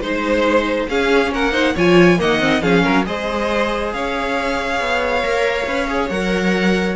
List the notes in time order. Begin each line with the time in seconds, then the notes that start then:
0.00 G#3 D#4 C5
0.88 C#4 G#4 F5
1.32 A#3 A#4 F#5
1.52 D#4 C5
1.74 F3 F4 C#5 G#5
2.18 D#3 A#3 D#5 F#5
2.40 C4
2.62 F3 C#4 G#4 F5
2.83 F#3 A#4
3.05 G#3 G#4 C5 D#5
3.92 C#4 C#5 F5
4.80 B3
5.22 A#3 A#4
5.67 C#4 B4
5.88 G#4
6.09 F#3 A#4 F#5